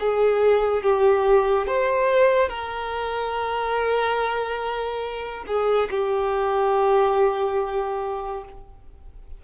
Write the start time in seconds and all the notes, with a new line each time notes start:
0.00 G#4
0.84 G4
1.67 C5
2.49 A#4
5.47 G#4
5.91 G4